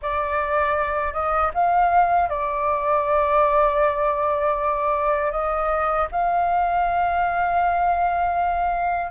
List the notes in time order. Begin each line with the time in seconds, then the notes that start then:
0.02 D5
1.13 D#5
1.54 F5
2.29 D5
5.31 D#5
6.11 F5